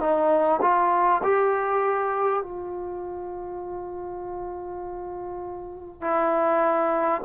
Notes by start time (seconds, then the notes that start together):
0.00 D#4
0.62 F4
1.23 G4
2.42 F4
6.01 E4